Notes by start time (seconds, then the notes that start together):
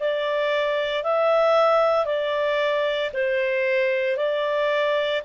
0.00 D5
1.04 E5
2.05 D5
3.13 C5
4.17 D5